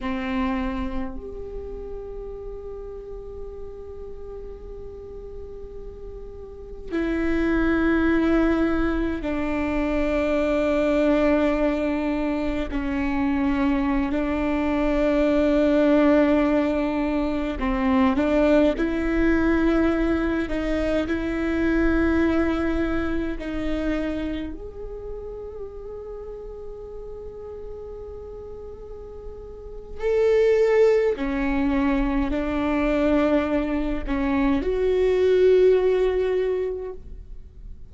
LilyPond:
\new Staff \with { instrumentName = "viola" } { \time 4/4 \tempo 4 = 52 c'4 g'2.~ | g'2 e'2 | d'2. cis'4~ | cis'16 d'2. c'8 d'16~ |
d'16 e'4. dis'8 e'4.~ e'16~ | e'16 dis'4 gis'2~ gis'8.~ | gis'2 a'4 cis'4 | d'4. cis'8 fis'2 | }